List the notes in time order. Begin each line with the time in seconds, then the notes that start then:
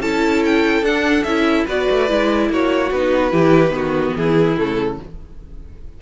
0.00 C#4 E4 A4 A5
0.46 G5
0.83 D4 F#5
1.24 C#4 E4 E5
1.66 B3 F#4 B4 D5
1.91 A3
2.09 G#3 E4
2.50 A#3 F#4 C#5
2.92 B3 D#4 B4
3.32 E3 E4 G4
3.70 D#3 B3 F#4
4.16 E3 E4 G#4
4.58 C#3 A3 A4